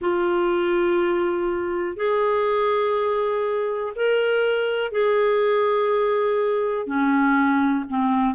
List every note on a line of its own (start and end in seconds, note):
0.00 1.96 F4
1.96 3.93 G#4
3.95 4.91 A#4
4.91 6.86 G#4
6.86 7.84 C#4
7.90 8.34 C4